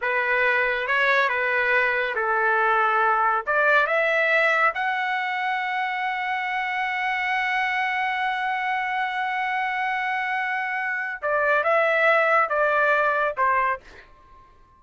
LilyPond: \new Staff \with { instrumentName = "trumpet" } { \time 4/4 \tempo 4 = 139 b'2 cis''4 b'4~ | b'4 a'2. | d''4 e''2 fis''4~ | fis''1~ |
fis''1~ | fis''1~ | fis''2 d''4 e''4~ | e''4 d''2 c''4 | }